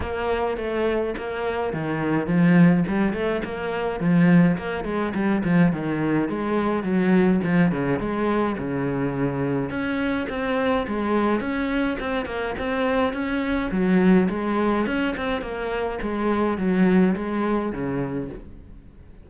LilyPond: \new Staff \with { instrumentName = "cello" } { \time 4/4 \tempo 4 = 105 ais4 a4 ais4 dis4 | f4 g8 a8 ais4 f4 | ais8 gis8 g8 f8 dis4 gis4 | fis4 f8 cis8 gis4 cis4~ |
cis4 cis'4 c'4 gis4 | cis'4 c'8 ais8 c'4 cis'4 | fis4 gis4 cis'8 c'8 ais4 | gis4 fis4 gis4 cis4 | }